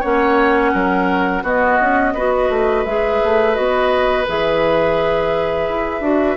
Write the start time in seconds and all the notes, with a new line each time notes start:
0.00 A#3 C#4 C#5 F#5
0.73 F#3 A#4
1.42 B3 F#4 D#5
1.81 C#4
2.14 B3 F#4 B4
2.49 A3
2.85 G#3 G#4 E5
3.24 A3
3.54 B3 F#4 D#5
4.27 E3 G#4 E5
5.69 E4
6.00 D4 F#4